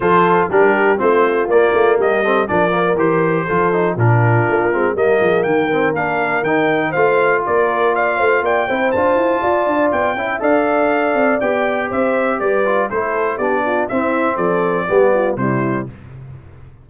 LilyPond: <<
  \new Staff \with { instrumentName = "trumpet" } { \time 4/4 \tempo 4 = 121 c''4 ais'4 c''4 d''4 | dis''4 d''4 c''2 | ais'2 dis''4 g''4 | f''4 g''4 f''4 d''4 |
f''4 g''4 a''2 | g''4 f''2 g''4 | e''4 d''4 c''4 d''4 | e''4 d''2 c''4 | }
  \new Staff \with { instrumentName = "horn" } { \time 4/4 a'4 g'4 f'2 | g'8 a'8 ais'2 a'4 | f'2 ais'8 gis'8 ais'4~ | ais'2 c''4 ais'4 |
d''8 c''8 d''8 c''4. d''4~ | d''8 e''8 d''2. | c''4 b'4 a'4 g'8 f'8 | e'4 a'4 g'8 f'8 e'4 | }
  \new Staff \with { instrumentName = "trombone" } { \time 4/4 f'4 d'4 c'4 ais4~ | ais8 c'8 d'8 ais8 g'4 f'8 dis'8 | d'4. c'8 ais4. c'8 | d'4 dis'4 f'2~ |
f'4. e'8 f'2~ | f'8 e'8 a'2 g'4~ | g'4. f'8 e'4 d'4 | c'2 b4 g4 | }
  \new Staff \with { instrumentName = "tuba" } { \time 4/4 f4 g4 a4 ais8 a8 | g4 f4 e4 f4 | ais,4 ais8 gis8 g8 f8 dis4 | ais4 dis4 a4 ais4~ |
ais8 a8 ais8 c'8 d'8 e'8 f'8 d'8 | b8 cis'8 d'4. c'8 b4 | c'4 g4 a4 b4 | c'4 f4 g4 c4 | }
>>